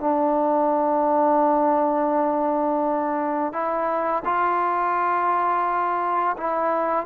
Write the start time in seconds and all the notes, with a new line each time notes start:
0.00 D4
3.53 E4
4.25 F4
6.38 E4